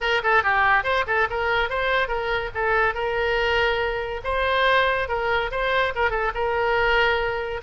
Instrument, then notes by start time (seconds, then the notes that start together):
oboe
0.00 A#4
0.23 A4
0.43 G4
0.83 C5
1.06 A4
1.29 A#4
1.69 C5
2.07 A#4
2.54 A4
2.94 A#4
4.24 C5
5.08 A#4
5.51 C5
5.95 A#4
6.10 A4
6.34 A#4